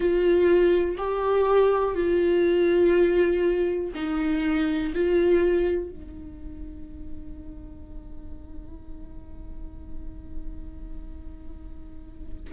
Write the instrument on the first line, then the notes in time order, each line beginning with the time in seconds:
viola
0.00 F4
0.97 G4
1.94 F4
3.94 D#4
4.94 F4
5.90 D#4